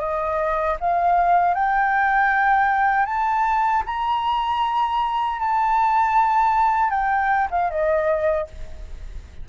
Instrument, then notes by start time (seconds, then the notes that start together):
flute
0.00 D#5
0.80 F5
1.55 G5
3.06 A5
3.86 A#5
5.40 A5
6.91 G5
7.51 F5
7.70 D#5